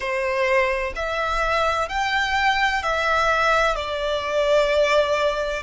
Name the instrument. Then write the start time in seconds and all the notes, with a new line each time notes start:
violin
0.00 C5
0.95 E5
1.88 G5
2.83 E5
3.75 D5